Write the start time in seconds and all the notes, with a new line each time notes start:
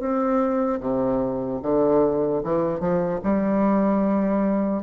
0.00 C4
0.80 C3
1.63 D3
2.43 E3
2.80 F3
3.23 G3